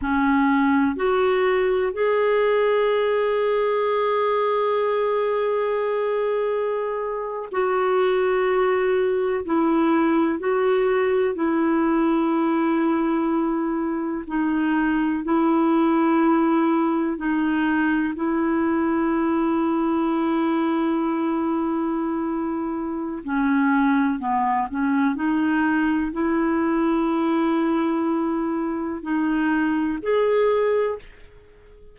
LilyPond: \new Staff \with { instrumentName = "clarinet" } { \time 4/4 \tempo 4 = 62 cis'4 fis'4 gis'2~ | gis'2.~ gis'8. fis'16~ | fis'4.~ fis'16 e'4 fis'4 e'16~ | e'2~ e'8. dis'4 e'16~ |
e'4.~ e'16 dis'4 e'4~ e'16~ | e'1 | cis'4 b8 cis'8 dis'4 e'4~ | e'2 dis'4 gis'4 | }